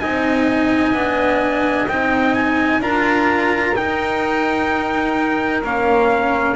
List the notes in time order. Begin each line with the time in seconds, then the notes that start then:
0.00 C4 D#4 D#5 G#5
0.92 B3 D4
1.88 C4 D#4 G5
2.35 G#5
2.80 D4 F4 A#4 A#5
3.76 D#4 G5
5.63 A#3 C#4 F5